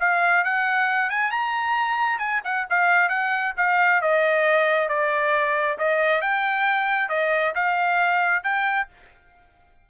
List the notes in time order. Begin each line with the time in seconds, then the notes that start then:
0.00 F5
0.44 F#5
1.10 G#5
1.31 A#5
2.19 G#5
2.44 F#5
2.70 F5
3.09 F#5
3.57 F5
4.02 D#5
4.89 D5
5.79 D#5
6.22 G5
7.09 D#5
7.55 F5
8.44 G5